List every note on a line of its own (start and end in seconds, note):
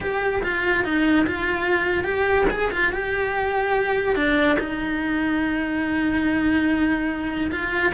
0.00 0.42 G4
0.43 0.84 F4
0.84 1.26 D#4
1.27 2.03 F4
2.03 2.45 G4
2.50 2.71 G#4
2.71 2.92 F4
2.92 4.15 G4
4.15 4.57 D4
4.59 7.51 D#4
7.51 7.92 F4